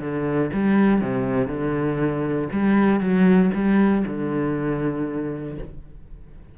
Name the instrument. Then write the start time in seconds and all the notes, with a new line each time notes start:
cello
0.00 D3
0.53 G3
1.01 C3
1.47 D3
2.52 G3
3.00 F#3
3.54 G3
4.07 D3